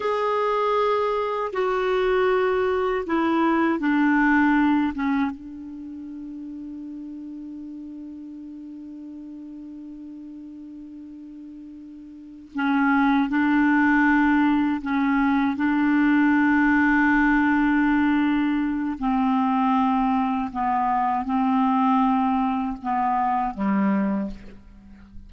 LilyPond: \new Staff \with { instrumentName = "clarinet" } { \time 4/4 \tempo 4 = 79 gis'2 fis'2 | e'4 d'4. cis'8 d'4~ | d'1~ | d'1~ |
d'8 cis'4 d'2 cis'8~ | cis'8 d'2.~ d'8~ | d'4 c'2 b4 | c'2 b4 g4 | }